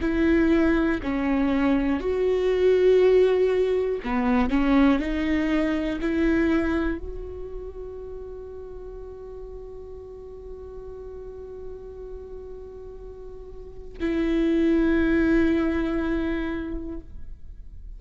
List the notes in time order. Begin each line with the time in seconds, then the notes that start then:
0.00 E4
1.03 C#4
2.00 F#4
4.04 B3
4.50 C#4
4.99 D#4
6.01 E4
6.98 F#4
14.00 E4